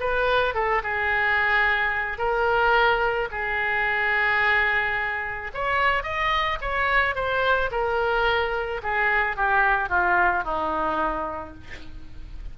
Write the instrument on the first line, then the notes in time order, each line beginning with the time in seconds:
oboe
0.00 B4
0.55 A4
0.83 G#4
2.18 A#4
3.31 G#4
5.54 C#5
6.03 D#5
6.61 C#5
7.15 C5
7.71 A#4
8.83 G#4
9.37 G4
9.89 F4
10.44 D#4